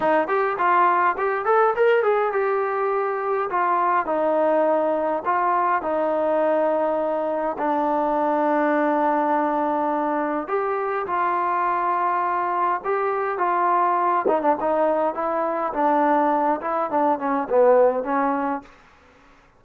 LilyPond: \new Staff \with { instrumentName = "trombone" } { \time 4/4 \tempo 4 = 103 dis'8 g'8 f'4 g'8 a'8 ais'8 gis'8 | g'2 f'4 dis'4~ | dis'4 f'4 dis'2~ | dis'4 d'2.~ |
d'2 g'4 f'4~ | f'2 g'4 f'4~ | f'8 dis'16 d'16 dis'4 e'4 d'4~ | d'8 e'8 d'8 cis'8 b4 cis'4 | }